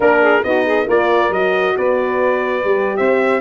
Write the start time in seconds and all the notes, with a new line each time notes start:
0.00 A#3 D4 A#4
0.21 G#4
0.43 B3 D#4 F#4 D#5
0.66 G#4
0.86 A#3 F4 A#4 D5
1.29 F#3 F#4 D#5
1.77 B3 B4 D5
2.64 G3 G4
2.96 C4 C5 E5